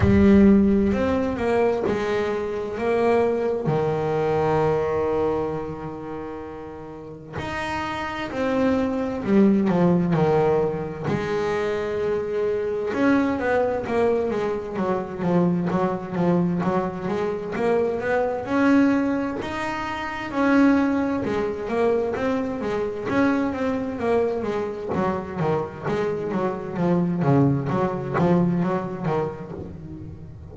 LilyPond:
\new Staff \with { instrumentName = "double bass" } { \time 4/4 \tempo 4 = 65 g4 c'8 ais8 gis4 ais4 | dis1 | dis'4 c'4 g8 f8 dis4 | gis2 cis'8 b8 ais8 gis8 |
fis8 f8 fis8 f8 fis8 gis8 ais8 b8 | cis'4 dis'4 cis'4 gis8 ais8 | c'8 gis8 cis'8 c'8 ais8 gis8 fis8 dis8 | gis8 fis8 f8 cis8 fis8 f8 fis8 dis8 | }